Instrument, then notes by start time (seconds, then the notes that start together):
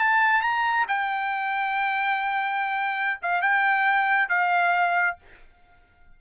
trumpet
0.00 A5
0.42 A#5
0.88 G5
3.22 F5
3.42 G5
4.29 F5